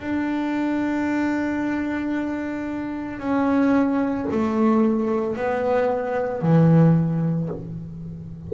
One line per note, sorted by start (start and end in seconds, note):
0.00 3.19 D4
3.19 4.27 C#4
4.31 5.36 A3
5.36 6.42 B3
6.42 7.49 E3